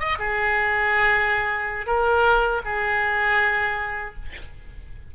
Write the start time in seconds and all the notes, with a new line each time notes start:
0.00 D#5
0.19 G#4
1.87 A#4
2.65 G#4